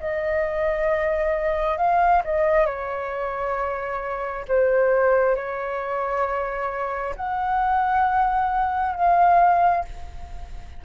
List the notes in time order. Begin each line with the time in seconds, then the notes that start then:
0.00 D#5
1.77 F5
2.24 D#5
2.66 C#5
4.48 C5
5.35 C#5
7.16 F#5
8.95 F5